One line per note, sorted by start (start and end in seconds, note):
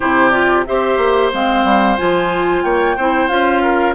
0.00 0.68 C3
0.00 0.32 E4
0.00 0.65 G4
0.00 0.29 C5
0.29 0.65 F4
0.29 0.62 D5
0.66 0.97 C4
0.66 1.32 G4
0.66 2.64 C5
0.66 1.31 E5
0.97 1.30 A#3
1.32 1.63 G#3
1.32 1.97 C4
1.32 1.97 F5
1.63 1.96 G3
1.97 2.63 F3
1.97 2.96 F4
1.97 2.63 G#5
2.63 2.96 A#3
2.63 2.96 C#5
2.63 3.28 G5
2.96 3.29 C4
2.96 3.29 E4
2.96 3.62 C5
3.28 3.95 C#4
3.28 3.95 F4
3.28 3.94 F5
3.62 3.95 A#4